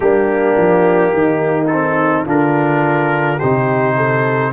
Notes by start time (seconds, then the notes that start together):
0.00 G3 A#3 D4 G4
0.57 F3
1.12 D#3 D#4
1.67 C4 A4
2.24 D3 D4 F4 A#4
3.37 C3 D#4 G4 C5
3.96 A4